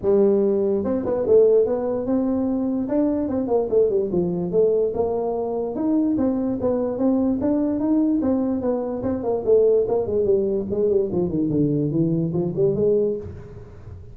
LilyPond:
\new Staff \with { instrumentName = "tuba" } { \time 4/4 \tempo 4 = 146 g2 c'8 b8 a4 | b4 c'2 d'4 | c'8 ais8 a8 g8 f4 a4 | ais2 dis'4 c'4 |
b4 c'4 d'4 dis'4 | c'4 b4 c'8 ais8 a4 | ais8 gis8 g4 gis8 g8 f8 dis8 | d4 e4 f8 g8 gis4 | }